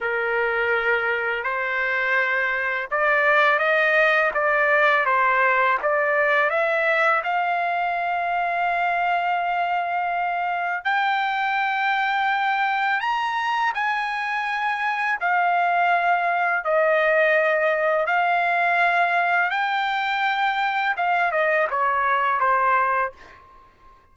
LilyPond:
\new Staff \with { instrumentName = "trumpet" } { \time 4/4 \tempo 4 = 83 ais'2 c''2 | d''4 dis''4 d''4 c''4 | d''4 e''4 f''2~ | f''2. g''4~ |
g''2 ais''4 gis''4~ | gis''4 f''2 dis''4~ | dis''4 f''2 g''4~ | g''4 f''8 dis''8 cis''4 c''4 | }